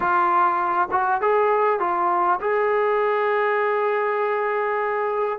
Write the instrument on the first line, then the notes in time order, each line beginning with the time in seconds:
trombone
0.00 F4
0.91 F#4
1.21 G#4
1.79 F4
2.40 G#4